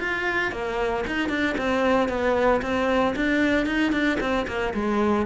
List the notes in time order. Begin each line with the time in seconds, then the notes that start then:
0.00 F4
0.52 A#3
1.07 D#4
1.29 D4
1.58 C4
2.09 B3
2.62 C4
3.16 D4
3.66 D#4
3.92 D4
4.20 C4
4.47 A#3
4.74 G#3